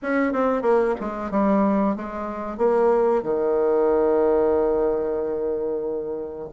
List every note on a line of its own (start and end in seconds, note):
0.02 0.32 C#4
0.32 0.62 C4
0.62 0.94 A#3
1.00 1.30 G#3
1.30 1.96 G3
1.96 2.57 G#3
2.57 3.23 A#3
3.23 6.49 D#3